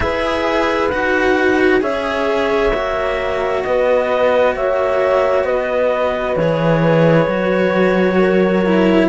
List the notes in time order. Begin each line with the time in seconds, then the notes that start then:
0.00 E4 G#4 B4 E5
0.89 D#4 F#4 F#5
1.80 C#4 G#4 C#5 E5
2.72 A#3 F#4
3.63 B3 B4 D#5
4.55 A#3 C#5 E5
5.44 B3 B4 D#5
6.36 E3 G#4 C#5
7.27 F#3 F#4
8.17 A#4
8.65 E4